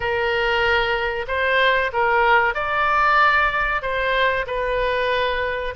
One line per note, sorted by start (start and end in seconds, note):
0.00 1.26 A#4
1.27 1.91 C5
1.93 2.54 A#4
2.54 3.82 D5
3.82 4.45 C5
4.47 5.74 B4